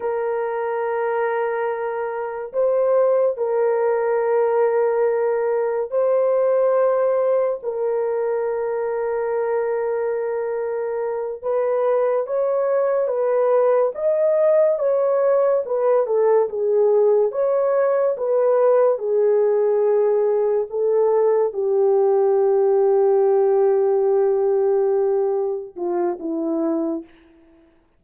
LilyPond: \new Staff \with { instrumentName = "horn" } { \time 4/4 \tempo 4 = 71 ais'2. c''4 | ais'2. c''4~ | c''4 ais'2.~ | ais'4. b'4 cis''4 b'8~ |
b'8 dis''4 cis''4 b'8 a'8 gis'8~ | gis'8 cis''4 b'4 gis'4.~ | gis'8 a'4 g'2~ g'8~ | g'2~ g'8 f'8 e'4 | }